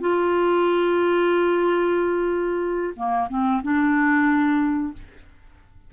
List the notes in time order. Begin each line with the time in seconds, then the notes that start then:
0.00 F4
2.96 A#3
3.29 C4
3.62 D4